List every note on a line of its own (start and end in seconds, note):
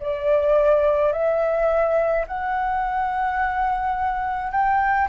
0.00 1.13 D5
1.13 2.26 E5
2.27 4.51 F#5
4.51 5.08 G5